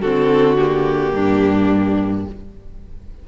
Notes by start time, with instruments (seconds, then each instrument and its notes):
0.00 cello D3, viola C4, violin F#4 A4
0.58 viola A#3, violin G4
1.12 cello G2, violin D4